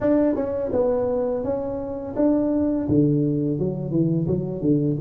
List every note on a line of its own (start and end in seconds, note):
0.00 0.35 D4
0.35 0.70 C#4
0.72 1.44 B3
1.44 2.15 C#4
2.16 2.87 D4
2.88 3.59 D3
3.59 3.91 F#3
3.91 4.26 E3
4.27 4.61 F#3
4.61 4.96 D3